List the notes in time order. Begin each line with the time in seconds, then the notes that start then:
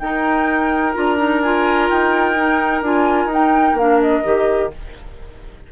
0.00 D#4 A#4 G5
0.94 D4 F4 A#5
1.18 D#4
1.43 F4 G#5
1.90 D#4 G5
2.37 D#4
2.82 D4 F4 G#5
3.26 D#4
3.34 G5
3.73 A#3 D4 F5
4.02 D#5
4.24 D#3 G4